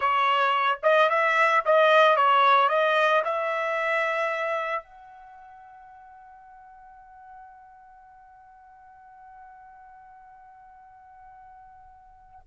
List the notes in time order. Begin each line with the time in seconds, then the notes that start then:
0.00 C#5
0.83 D#5
1.09 E5
1.65 D#5
2.16 C#5
2.68 D#5
3.24 E5
4.83 F#5